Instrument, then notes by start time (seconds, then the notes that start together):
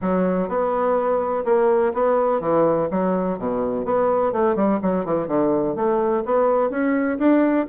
bassoon
0.01 F#3
0.48 B3
1.44 A#3
1.93 B3
2.40 E3
2.90 F#3
3.38 B2
3.85 B3
4.32 A3
4.55 G3
4.82 F#3
5.05 E3
5.27 D3
5.75 A3
6.25 B3
6.70 C#4
7.18 D4